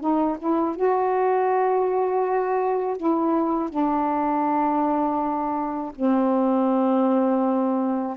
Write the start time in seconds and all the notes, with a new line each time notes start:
0.00 D#4
0.38 E4
0.76 F#4
2.97 E4
3.70 D4
5.95 C4